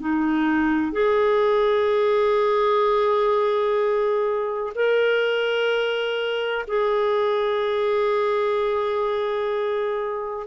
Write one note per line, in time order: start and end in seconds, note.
0.00 0.92 D#4
0.92 4.73 G#4
4.75 6.65 A#4
6.68 10.46 G#4